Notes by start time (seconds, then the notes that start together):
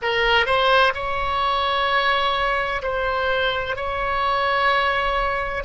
0.02 A#4
0.46 C5
0.94 C#5
2.82 C5
3.75 C#5